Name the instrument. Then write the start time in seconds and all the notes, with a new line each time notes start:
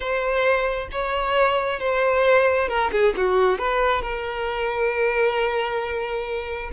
violin
0.00 C5
0.91 C#5
1.79 C5
2.68 A#4
2.91 G#4
3.16 F#4
3.58 B4
4.02 A#4